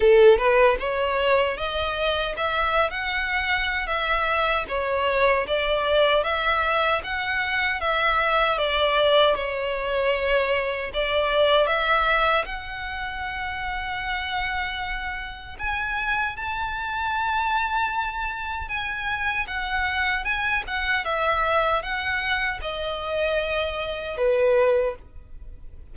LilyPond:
\new Staff \with { instrumentName = "violin" } { \time 4/4 \tempo 4 = 77 a'8 b'8 cis''4 dis''4 e''8. fis''16~ | fis''4 e''4 cis''4 d''4 | e''4 fis''4 e''4 d''4 | cis''2 d''4 e''4 |
fis''1 | gis''4 a''2. | gis''4 fis''4 gis''8 fis''8 e''4 | fis''4 dis''2 b'4 | }